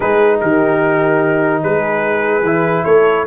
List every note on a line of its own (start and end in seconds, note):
0.00 0.41 G#3
0.00 2.42 D#4
0.00 0.40 G#4
0.00 0.40 B4
0.40 1.63 D#3
0.40 1.63 G4
0.40 1.62 A#4
1.62 2.42 G#3
1.62 2.84 G#4
1.62 2.84 B4
2.42 2.83 E3
2.42 3.26 E4
2.84 3.26 A3
2.84 3.25 A4
2.84 3.25 C#5